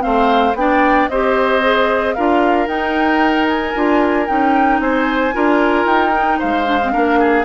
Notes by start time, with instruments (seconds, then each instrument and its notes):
0.00 bassoon A3, clarinet C4, oboe C5, flute F5
0.54 bassoon B3, clarinet D4, flute G5
0.60 oboe D5
1.08 bassoon C4, clarinet G4, oboe C5, flute D#5
1.62 clarinet G#4
2.14 bassoon D4, clarinet F4, oboe A#4, flute F5
2.67 bassoon D#4, clarinet D#4, flute G5
3.48 flute G#5
3.75 bassoon D4, clarinet F4
4.26 bassoon C#4, clarinet D#4, flute G5
4.80 bassoon C4, oboe C5, flute G#5
5.33 bassoon D4, clarinet F4, oboe A#4
5.85 bassoon D#4, flute G5
6.16 clarinet D#4
6.39 bassoon G#3, oboe C5, flute F5
6.65 clarinet D4
6.83 clarinet C4
6.92 bassoon A#3, clarinet D4, oboe A#4
7.19 oboe G#4